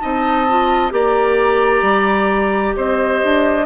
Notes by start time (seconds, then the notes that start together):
0.00 C4 D#4 D#5 A5
0.50 F4
0.91 A#3 G4 D5 A#5
1.82 G3
2.77 C4 C5 D#5
3.24 D4